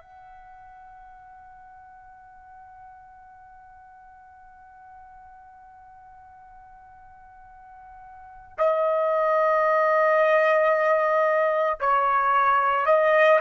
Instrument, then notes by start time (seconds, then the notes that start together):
trumpet
0.00 F#5
8.58 D#5
11.80 C#5
12.86 D#5